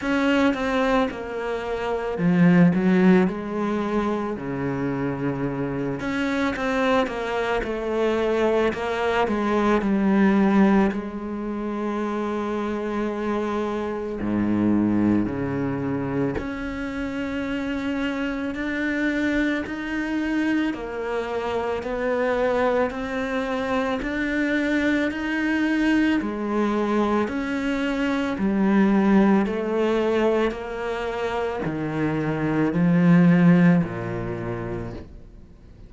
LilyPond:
\new Staff \with { instrumentName = "cello" } { \time 4/4 \tempo 4 = 55 cis'8 c'8 ais4 f8 fis8 gis4 | cis4. cis'8 c'8 ais8 a4 | ais8 gis8 g4 gis2~ | gis4 gis,4 cis4 cis'4~ |
cis'4 d'4 dis'4 ais4 | b4 c'4 d'4 dis'4 | gis4 cis'4 g4 a4 | ais4 dis4 f4 ais,4 | }